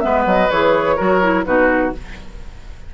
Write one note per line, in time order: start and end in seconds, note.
0.00 0.26 G#3
0.00 0.49 B3
0.00 0.97 B4
0.00 0.24 E5
0.26 0.50 F#3
0.26 0.50 D#5
0.50 0.99 E3
0.50 0.98 G#4
0.50 1.45 C#5
0.97 1.46 F#3
0.97 1.21 F#4
0.97 1.44 A#4
1.22 1.45 E4
1.45 1.94 B2
1.45 1.93 D#4
1.45 1.95 F#4
1.45 1.92 B4